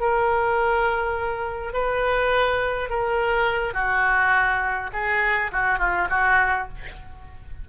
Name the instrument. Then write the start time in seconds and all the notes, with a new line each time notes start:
oboe
0.00 A#4
1.73 B4
2.89 A#4
3.74 F#4
4.93 G#4
5.52 F#4
5.79 F4
6.10 F#4